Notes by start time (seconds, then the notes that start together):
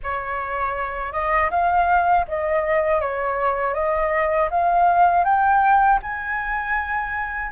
0.03 C#5
1.12 D#5
1.50 F5
2.27 D#5
3.00 C#5
3.74 D#5
4.50 F5
5.24 G5
6.02 G#5